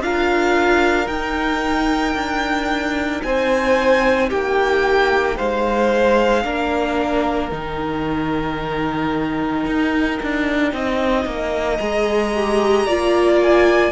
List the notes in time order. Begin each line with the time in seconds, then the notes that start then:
0.00 D4 F4 A#4 F5
1.07 D#4 G5
2.15 D4
3.23 C4 C5 G#5
4.29 A#3 G4 G5
5.36 G#3 C5 F5
6.44 A#3 D4 A#4
7.50 D#3 D#4 G5
9.67 D#4
10.23 D4
10.73 C4 D#5
11.25 A#3
11.78 G#3 G#4 A#5
12.35 G4
12.86 A#3 F4 D5
13.42 G#5